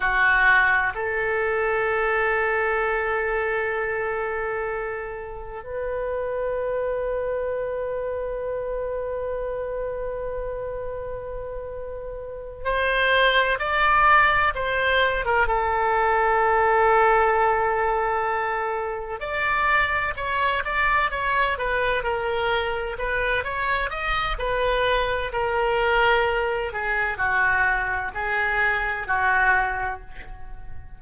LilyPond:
\new Staff \with { instrumentName = "oboe" } { \time 4/4 \tempo 4 = 64 fis'4 a'2.~ | a'2 b'2~ | b'1~ | b'4. c''4 d''4 c''8~ |
c''16 ais'16 a'2.~ a'8~ | a'8 d''4 cis''8 d''8 cis''8 b'8 ais'8~ | ais'8 b'8 cis''8 dis''8 b'4 ais'4~ | ais'8 gis'8 fis'4 gis'4 fis'4 | }